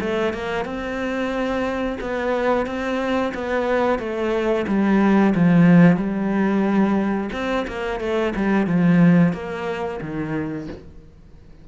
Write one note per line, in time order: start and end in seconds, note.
0.00 0.33 A3
0.33 0.65 A#3
0.65 1.98 C4
2.01 2.66 B3
2.66 3.33 C4
3.34 3.99 B3
3.99 4.66 A3
4.67 5.34 G3
5.35 5.96 F3
5.96 7.30 G3
7.33 7.66 C4
7.68 8.00 A#3
8.00 8.33 A3
8.36 8.66 G3
8.66 9.33 F3
9.33 10.00 A#3
10.01 10.68 D#3